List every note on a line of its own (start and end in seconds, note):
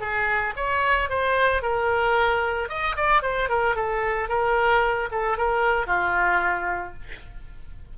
0.00 0.54 G#4
0.56 1.09 C#5
1.09 1.62 C5
1.62 2.69 A#4
2.69 2.95 D#5
2.96 3.22 D5
3.22 3.48 C5
3.48 3.75 A#4
3.75 4.28 A4
4.28 5.09 A#4
5.11 5.37 A4
5.37 5.86 A#4
5.86 6.93 F4